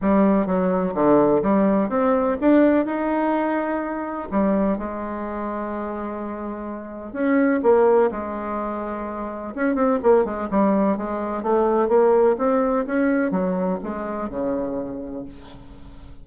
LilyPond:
\new Staff \with { instrumentName = "bassoon" } { \time 4/4 \tempo 4 = 126 g4 fis4 d4 g4 | c'4 d'4 dis'2~ | dis'4 g4 gis2~ | gis2. cis'4 |
ais4 gis2. | cis'8 c'8 ais8 gis8 g4 gis4 | a4 ais4 c'4 cis'4 | fis4 gis4 cis2 | }